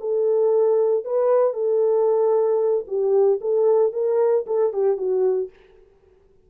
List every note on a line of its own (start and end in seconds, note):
0.00 1.04 A4
1.04 1.53 B4
1.53 2.85 A4
2.87 3.40 G4
3.41 3.93 A4
3.93 4.45 A#4
4.46 4.73 A4
4.73 4.97 G4
4.97 5.50 F#4